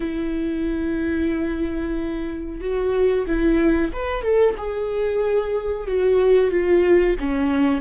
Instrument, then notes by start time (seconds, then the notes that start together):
viola
0.00 E4
2.61 F#4
3.26 E4
3.92 B4
4.22 A4
4.57 G#4
5.87 F#4
6.50 F4
7.19 C#4